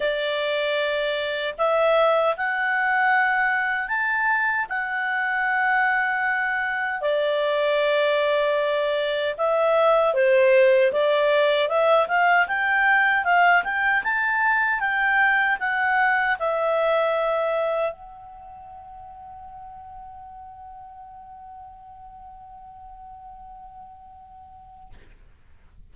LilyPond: \new Staff \with { instrumentName = "clarinet" } { \time 4/4 \tempo 4 = 77 d''2 e''4 fis''4~ | fis''4 a''4 fis''2~ | fis''4 d''2. | e''4 c''4 d''4 e''8 f''8 |
g''4 f''8 g''8 a''4 g''4 | fis''4 e''2 fis''4~ | fis''1~ | fis''1 | }